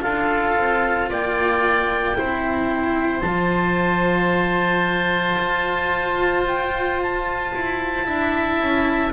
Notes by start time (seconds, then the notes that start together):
0.00 D4 F4 A4 F5
0.57 C4
1.10 A#3 D5 G5
2.15 C4 E4 C5
3.21 F3 F4 A5
5.38 F4
6.47 G5
7.03 A5
7.54 E4
8.04 D4 E4 E5
8.60 C#4